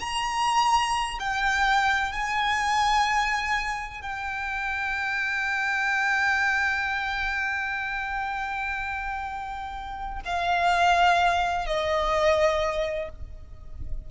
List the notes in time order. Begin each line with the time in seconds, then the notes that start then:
0.00 A#5
1.20 G5
2.13 G#5
4.02 G5
10.26 F5
11.67 D#5